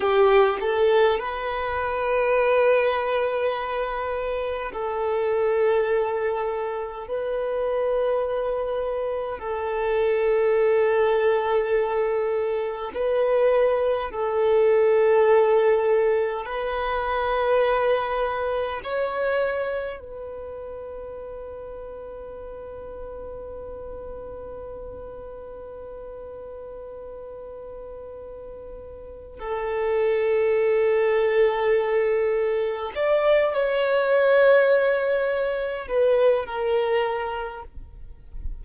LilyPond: \new Staff \with { instrumentName = "violin" } { \time 4/4 \tempo 4 = 51 g'8 a'8 b'2. | a'2 b'2 | a'2. b'4 | a'2 b'2 |
cis''4 b'2.~ | b'1~ | b'4 a'2. | d''8 cis''2 b'8 ais'4 | }